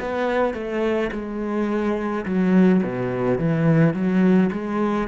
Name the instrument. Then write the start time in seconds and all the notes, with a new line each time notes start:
cello
0.00 B3
0.55 A3
1.12 G#3
2.26 F#3
2.84 B2
3.39 E3
3.94 F#3
4.53 G#3